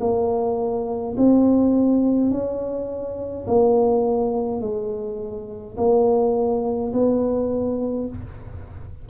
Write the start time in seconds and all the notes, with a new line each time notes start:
0.00 A#3
1.17 C4
2.31 C#4
3.47 A#3
4.61 G#3
5.77 A#3
6.93 B3